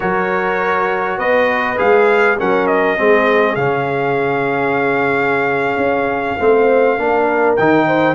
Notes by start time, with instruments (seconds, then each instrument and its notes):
0.00 tuba F#3, trombone F#4, horn A#4, trumpet C#5
1.18 tuba B3, horn B4, trumpet D#5
1.77 tuba G#3, trombone G#4, trumpet F5
2.38 tuba F#3, trombone C#4, horn A#4, trumpet F#5
2.67 trumpet D#5
2.97 tuba G#3, trombone C4, horn G#4
3.55 tuba C#3, trombone C#4, trumpet F5
5.76 tuba C#4
6.39 tuba A3, trombone C4, horn C5
6.98 tuba A#3, trombone D4, horn A#4
7.56 tuba D#3, trombone D#4, trumpet G5
7.87 horn C5